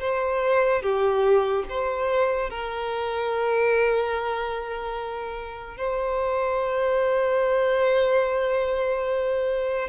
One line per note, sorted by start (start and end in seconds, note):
0.00 0.82 C5
0.82 1.64 G4
1.69 2.50 C5
2.50 5.77 A#4
5.77 9.88 C5